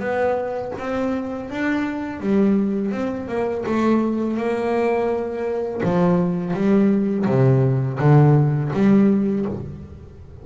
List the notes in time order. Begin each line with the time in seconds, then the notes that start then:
0.00 B3
0.79 C4
1.50 D4
2.20 G3
2.92 C4
3.29 A#3
3.66 A3
4.38 A#3
5.84 F3
6.54 G3
7.27 C3
7.99 D3
8.74 G3